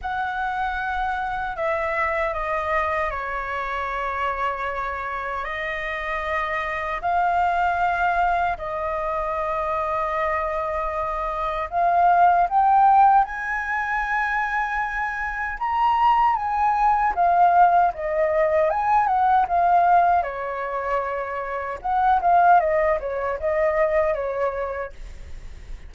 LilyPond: \new Staff \with { instrumentName = "flute" } { \time 4/4 \tempo 4 = 77 fis''2 e''4 dis''4 | cis''2. dis''4~ | dis''4 f''2 dis''4~ | dis''2. f''4 |
g''4 gis''2. | ais''4 gis''4 f''4 dis''4 | gis''8 fis''8 f''4 cis''2 | fis''8 f''8 dis''8 cis''8 dis''4 cis''4 | }